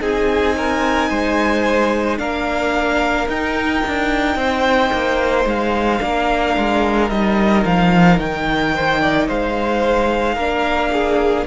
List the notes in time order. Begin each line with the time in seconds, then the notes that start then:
0.00 C4 D#4 G#4 G#5
0.56 A#4
1.09 G#3 C5
2.18 A#3 D4 A#4 F5
3.28 D#4 G5
3.87 D4
4.35 C4 C5
4.92 A#3
5.45 G#3 F5
6.00 A#3 D4 A#4
6.57 G#3
7.09 G3 D#4 D#5
7.65 F3 F5
8.19 D#3 G5
8.74 C5
9.01 D5
9.27 G#3 C5 F5
10.35 A#3 D4 A#4
10.92 G#4